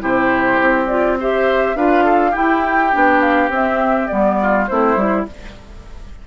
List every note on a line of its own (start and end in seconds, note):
0.00 0.60 C3
0.00 0.87 E4
0.00 1.18 G4
0.00 0.87 C5
0.60 1.75 C4
0.87 1.19 F4
0.87 1.16 D5
1.19 1.76 G4
1.19 1.76 C5
1.19 1.77 E5
1.75 2.33 D4
1.75 2.32 F4
1.75 2.04 B4
1.75 2.35 F5
2.04 2.31 A4
2.31 2.90 E4
2.31 4.34 G4
2.31 3.21 G5
2.37 2.95 E4
2.92 3.49 B3
2.92 3.50 D4
3.21 3.50 F5
3.49 4.07 C4
3.49 4.09 C4
3.49 4.07 E5
4.07 4.70 G3
4.07 4.67 B3
4.07 4.65 D5
4.41 4.69 F4
4.67 4.96 A3
4.67 4.97 C4
4.67 5.27 E4
4.67 5.25 C5
4.96 5.25 G3
4.96 5.26 E4